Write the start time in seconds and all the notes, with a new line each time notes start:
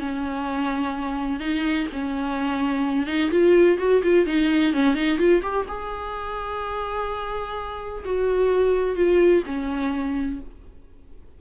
0.00 C#4
1.40 D#4
1.93 C#4
3.07 D#4
3.31 F4
3.79 F#4
4.03 F4
4.26 D#4
4.74 C#4
4.95 D#4
5.18 F4
5.42 G4
5.68 G#4
8.06 F#4
8.96 F4
9.46 C#4